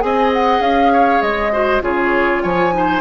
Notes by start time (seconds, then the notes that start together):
0.00 C4 G#4 D#5 G#5
0.33 F#5
0.60 C#4 F5
0.93 C#5
1.21 G#3 D#5
1.52 F#4 C5
1.81 C#3 F4 G#4 C#5
2.42 F3 C#5 G#5
2.72 D#4 C5